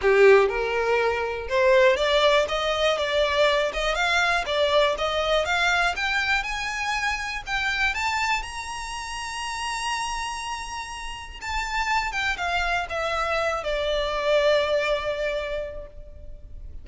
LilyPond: \new Staff \with { instrumentName = "violin" } { \time 4/4 \tempo 4 = 121 g'4 ais'2 c''4 | d''4 dis''4 d''4. dis''8 | f''4 d''4 dis''4 f''4 | g''4 gis''2 g''4 |
a''4 ais''2.~ | ais''2. a''4~ | a''8 g''8 f''4 e''4. d''8~ | d''1 | }